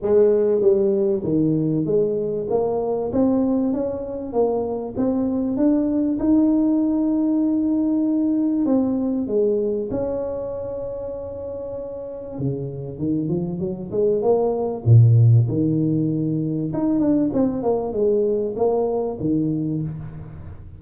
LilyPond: \new Staff \with { instrumentName = "tuba" } { \time 4/4 \tempo 4 = 97 gis4 g4 dis4 gis4 | ais4 c'4 cis'4 ais4 | c'4 d'4 dis'2~ | dis'2 c'4 gis4 |
cis'1 | cis4 dis8 f8 fis8 gis8 ais4 | ais,4 dis2 dis'8 d'8 | c'8 ais8 gis4 ais4 dis4 | }